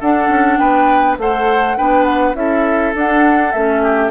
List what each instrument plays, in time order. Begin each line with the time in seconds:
0.00 clarinet D4, bassoon D4, oboe A4, flute F#5
0.29 bassoon C#4
0.58 bassoon B3, oboe B4, flute G5
1.18 bassoon A3, clarinet A4, oboe C5, flute F#5
1.77 bassoon B3, clarinet D4, oboe B4, flute G5
2.05 flute F#5
2.35 bassoon C#4, clarinet E4, oboe A4, flute E5
2.95 bassoon D4, clarinet D4, flute F#5
3.52 bassoon A3, clarinet C#4, flute E5
3.83 oboe G4